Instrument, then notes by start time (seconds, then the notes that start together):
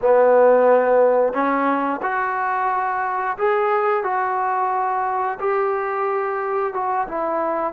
trombone
0.01 B3
1.33 C#4
2.02 F#4
3.37 G#4
4.03 F#4
5.39 G4
6.73 F#4
7.08 E4